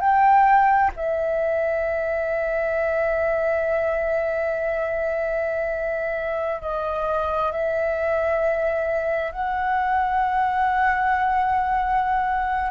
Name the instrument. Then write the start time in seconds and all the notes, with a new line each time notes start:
flute
0.00 G5
0.96 E5
6.61 D#5
7.52 E5
9.31 F#5